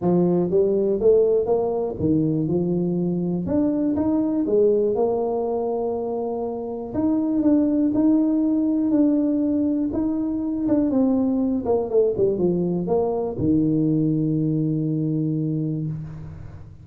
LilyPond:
\new Staff \with { instrumentName = "tuba" } { \time 4/4 \tempo 4 = 121 f4 g4 a4 ais4 | dis4 f2 d'4 | dis'4 gis4 ais2~ | ais2 dis'4 d'4 |
dis'2 d'2 | dis'4. d'8 c'4. ais8 | a8 g8 f4 ais4 dis4~ | dis1 | }